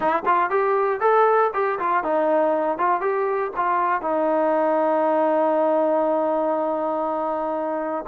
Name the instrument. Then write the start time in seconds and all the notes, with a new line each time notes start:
trombone
0.00 E4
0.25 F4
0.50 G4
1.00 A4
1.53 G4
1.79 F4
2.03 D#4
2.78 F4
3.00 G4
3.56 F4
4.01 D#4